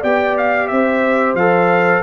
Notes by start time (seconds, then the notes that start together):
0.00 B3 G4 D5 G5
0.37 F5
0.67 C4 C5 E5
1.34 F3 A4 F5